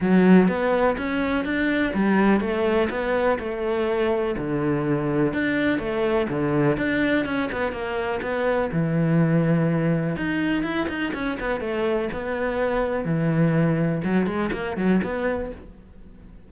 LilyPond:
\new Staff \with { instrumentName = "cello" } { \time 4/4 \tempo 4 = 124 fis4 b4 cis'4 d'4 | g4 a4 b4 a4~ | a4 d2 d'4 | a4 d4 d'4 cis'8 b8 |
ais4 b4 e2~ | e4 dis'4 e'8 dis'8 cis'8 b8 | a4 b2 e4~ | e4 fis8 gis8 ais8 fis8 b4 | }